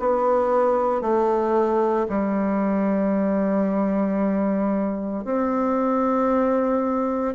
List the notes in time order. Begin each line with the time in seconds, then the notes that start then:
0.00 B3
1.01 A3
2.09 G3
5.24 C4